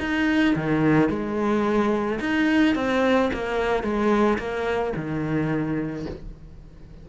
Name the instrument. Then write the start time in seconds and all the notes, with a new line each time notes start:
cello
0.00 D#4
0.56 D#3
1.10 G#3
2.20 D#4
2.76 C4
3.34 A#3
3.83 G#3
4.39 A#3
4.96 D#3